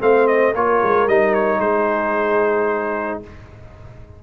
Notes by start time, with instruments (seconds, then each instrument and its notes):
0.00 tuba A3, trombone C4, horn C5, trumpet F5
0.28 trumpet D#5
0.55 tuba A#3, trombone F4, horn A#4, trumpet C#5
0.83 tuba G#3
1.08 tuba G3, trombone D#4, trumpet D#5
1.35 trumpet C#5
1.60 tuba G#3, horn G#4, trumpet C5